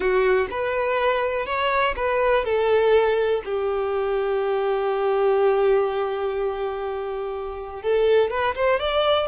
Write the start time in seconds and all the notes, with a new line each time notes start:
0.00 F#4
0.50 B4
1.46 C#5
1.96 B4
2.44 A4
3.44 G4
7.82 A4
8.30 B4
8.55 C5
8.79 D5